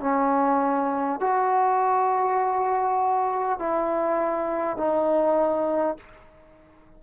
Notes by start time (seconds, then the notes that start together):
0.00 C#4
1.21 F#4
3.59 E4
4.77 D#4